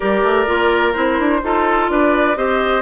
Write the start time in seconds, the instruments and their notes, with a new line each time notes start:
0.00 bassoon G3, clarinet G4, oboe A#4, flute D5
0.23 bassoon A3
0.46 bassoon A#3, clarinet F4
0.92 bassoon C4, clarinet E4, flute C5
1.19 bassoon D4
1.42 bassoon D#4, clarinet F4, oboe A4
1.89 bassoon D4, oboe B4, flute D5
2.36 bassoon C4, clarinet G4, oboe C5, flute D#5